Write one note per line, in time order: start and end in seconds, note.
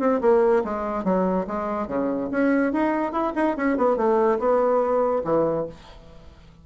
0.00 0.21 C4
0.21 0.63 A#3
0.64 1.05 G#3
1.05 1.46 F#3
1.47 1.88 G#3
1.88 2.30 C#3
2.31 2.73 C#4
2.73 3.13 D#4
3.13 3.34 E4
3.36 3.57 D#4
3.57 3.78 C#4
3.78 3.97 B3
3.97 4.39 A3
4.39 5.23 B3
5.24 5.66 E3